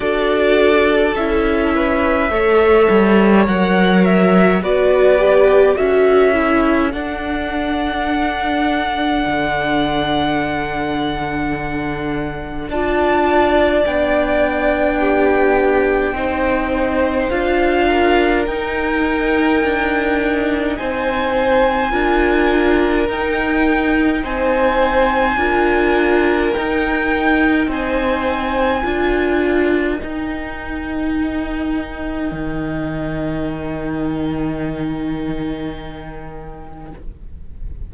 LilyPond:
<<
  \new Staff \with { instrumentName = "violin" } { \time 4/4 \tempo 4 = 52 d''4 e''2 fis''8 e''8 | d''4 e''4 fis''2~ | fis''2. a''4 | g''2. f''4 |
g''2 gis''2 | g''4 gis''2 g''4 | gis''2 g''2~ | g''1 | }
  \new Staff \with { instrumentName = "violin" } { \time 4/4 a'4. b'8 cis''2 | b'4 a'2.~ | a'2. d''4~ | d''4 g'4 c''4. ais'8~ |
ais'2 c''4 ais'4~ | ais'4 c''4 ais'2 | c''4 ais'2.~ | ais'1 | }
  \new Staff \with { instrumentName = "viola" } { \time 4/4 fis'4 e'4 a'4 ais'4 | fis'8 g'8 fis'8 e'8 d'2~ | d'2. f'4 | d'2 dis'4 f'4 |
dis'2. f'4 | dis'2 f'4 dis'4~ | dis'4 f'4 dis'2~ | dis'1 | }
  \new Staff \with { instrumentName = "cello" } { \time 4/4 d'4 cis'4 a8 g8 fis4 | b4 cis'4 d'2 | d2. d'4 | b2 c'4 d'4 |
dis'4 d'4 c'4 d'4 | dis'4 c'4 d'4 dis'4 | c'4 d'4 dis'2 | dis1 | }
>>